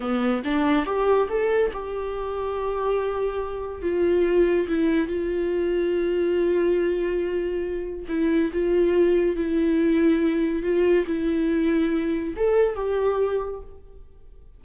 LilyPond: \new Staff \with { instrumentName = "viola" } { \time 4/4 \tempo 4 = 141 b4 d'4 g'4 a'4 | g'1~ | g'4 f'2 e'4 | f'1~ |
f'2. e'4 | f'2 e'2~ | e'4 f'4 e'2~ | e'4 a'4 g'2 | }